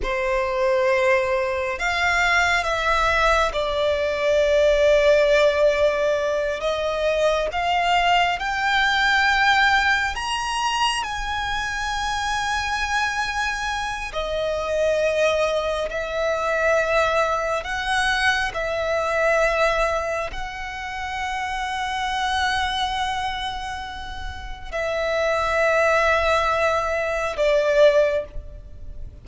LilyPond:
\new Staff \with { instrumentName = "violin" } { \time 4/4 \tempo 4 = 68 c''2 f''4 e''4 | d''2.~ d''8 dis''8~ | dis''8 f''4 g''2 ais''8~ | ais''8 gis''2.~ gis''8 |
dis''2 e''2 | fis''4 e''2 fis''4~ | fis''1 | e''2. d''4 | }